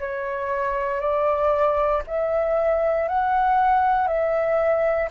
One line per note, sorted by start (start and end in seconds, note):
0.00 1.00 C#5
1.00 2.02 D5
2.07 3.08 E5
3.08 4.07 F#5
4.07 5.09 E5